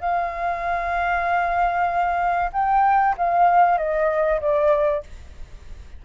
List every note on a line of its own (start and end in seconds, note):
0.00 2.50 F5
2.53 3.15 G5
3.17 3.78 F5
3.78 4.40 D#5
4.40 5.03 D5